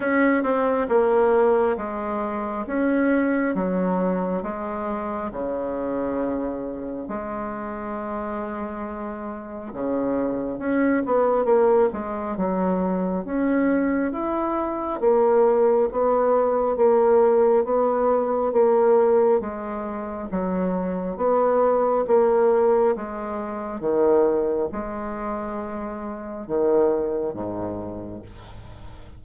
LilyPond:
\new Staff \with { instrumentName = "bassoon" } { \time 4/4 \tempo 4 = 68 cis'8 c'8 ais4 gis4 cis'4 | fis4 gis4 cis2 | gis2. cis4 | cis'8 b8 ais8 gis8 fis4 cis'4 |
e'4 ais4 b4 ais4 | b4 ais4 gis4 fis4 | b4 ais4 gis4 dis4 | gis2 dis4 gis,4 | }